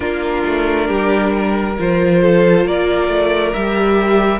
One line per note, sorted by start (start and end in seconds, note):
0.00 0.43 A#3
0.00 1.75 D4
0.00 0.87 F4
0.00 1.75 A#4
0.46 0.89 A3
0.87 1.77 G3
0.87 1.31 G4
1.35 2.22 A#4
1.78 2.65 F3
1.78 3.54 F4
1.78 2.67 C5
2.22 2.65 A4
2.65 3.08 A#3
2.65 4.40 A#4
2.65 3.53 D5
3.08 3.52 A3
3.53 4.40 G3
3.53 4.40 G4
3.53 4.40 E5